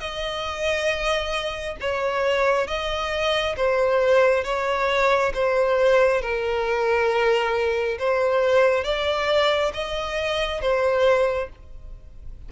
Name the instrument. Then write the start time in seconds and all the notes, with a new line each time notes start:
violin
0.00 D#5
1.80 C#5
2.68 D#5
3.56 C5
4.44 C#5
5.34 C5
6.21 A#4
7.99 C5
8.84 D5
9.73 D#5
10.61 C5